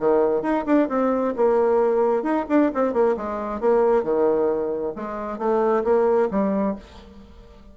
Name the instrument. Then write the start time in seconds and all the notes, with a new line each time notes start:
bassoon
0.00 D#3
0.42 D#4
0.66 D4
0.89 C4
1.37 A#3
2.23 D#4
2.49 D4
2.75 C4
2.94 A#3
3.17 G#3
3.61 A#3
4.04 D#3
4.96 G#3
5.39 A3
5.84 A#3
6.31 G3